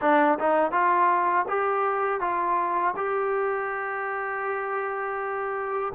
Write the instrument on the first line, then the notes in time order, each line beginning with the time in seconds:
trombone
0.01 D4
0.39 D#4
0.71 F4
1.48 G4
2.20 F4
2.96 G4